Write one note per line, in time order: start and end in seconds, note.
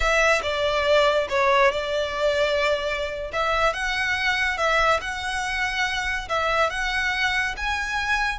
0.00 0.41 E5
0.42 1.27 D5
1.29 1.71 C#5
1.71 3.31 D5
3.32 3.73 E5
3.73 4.57 F#5
4.57 5.00 E5
5.00 6.28 F#5
6.28 6.70 E5
6.70 7.55 F#5
7.56 8.38 G#5